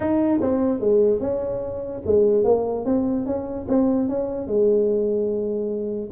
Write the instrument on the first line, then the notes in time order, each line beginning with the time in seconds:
tuba
0.00 D#4
0.41 C4
0.80 G#3
1.20 C#4
2.06 G#3
2.44 A#3
2.85 C4
3.25 C#4
3.68 C4
4.08 C#4
4.47 G#3